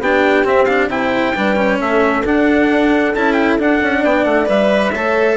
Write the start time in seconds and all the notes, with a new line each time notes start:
0.00 B3 D4 G4 G5
0.44 C4 E5
0.65 D4 F5
0.87 C3 E4 C5 G5
1.36 G3 D4 B4
1.56 C#4
1.80 A3 A4 E5
2.24 D4 F#5
3.15 C#4 E4 A5
3.33 G5
3.58 D4 F#5
3.82 C#4
4.00 B3 D5 G5
4.25 A3 F#5
4.46 G3 B4 E5
4.92 A3 A4 C#5